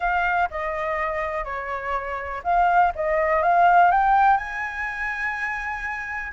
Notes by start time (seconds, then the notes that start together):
0.00 F5
0.50 D#5
1.44 C#5
2.43 F5
2.95 D#5
3.42 F5
3.91 G5
4.37 G#5